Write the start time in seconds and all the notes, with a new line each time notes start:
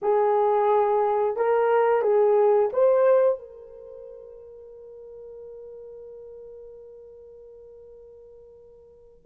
0.02 G#4
1.36 A#4
2.02 G#4
2.72 C5
3.39 A#4